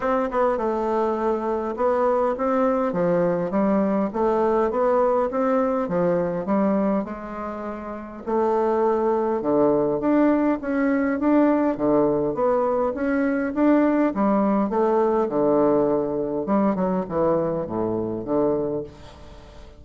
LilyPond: \new Staff \with { instrumentName = "bassoon" } { \time 4/4 \tempo 4 = 102 c'8 b8 a2 b4 | c'4 f4 g4 a4 | b4 c'4 f4 g4 | gis2 a2 |
d4 d'4 cis'4 d'4 | d4 b4 cis'4 d'4 | g4 a4 d2 | g8 fis8 e4 a,4 d4 | }